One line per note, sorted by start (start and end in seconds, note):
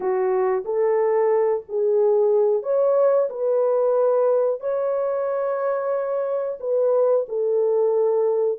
0.00 0.64 F#4
0.64 1.63 A4
1.68 2.62 G#4
2.62 3.28 C#5
3.29 4.60 B4
4.60 6.58 C#5
6.59 7.25 B4
7.28 8.59 A4